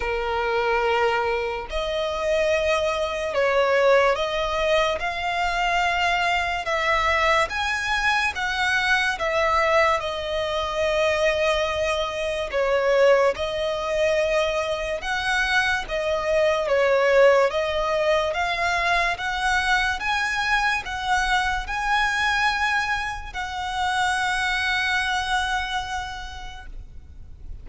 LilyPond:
\new Staff \with { instrumentName = "violin" } { \time 4/4 \tempo 4 = 72 ais'2 dis''2 | cis''4 dis''4 f''2 | e''4 gis''4 fis''4 e''4 | dis''2. cis''4 |
dis''2 fis''4 dis''4 | cis''4 dis''4 f''4 fis''4 | gis''4 fis''4 gis''2 | fis''1 | }